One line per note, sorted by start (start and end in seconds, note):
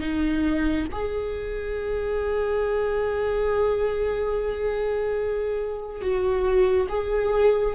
0.00 0.86 D#4
0.92 6.02 G#4
6.02 6.87 F#4
6.89 7.75 G#4